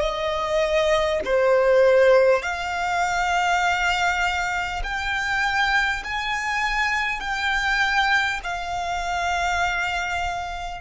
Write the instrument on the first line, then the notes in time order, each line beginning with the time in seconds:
violin
0.00 D#5
1.24 C5
2.42 F5
4.83 G5
6.04 G#5
7.20 G5
8.43 F5